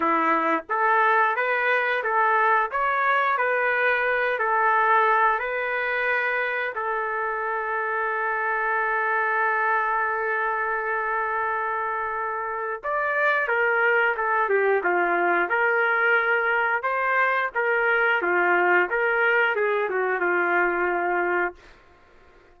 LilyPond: \new Staff \with { instrumentName = "trumpet" } { \time 4/4 \tempo 4 = 89 e'4 a'4 b'4 a'4 | cis''4 b'4. a'4. | b'2 a'2~ | a'1~ |
a'2. d''4 | ais'4 a'8 g'8 f'4 ais'4~ | ais'4 c''4 ais'4 f'4 | ais'4 gis'8 fis'8 f'2 | }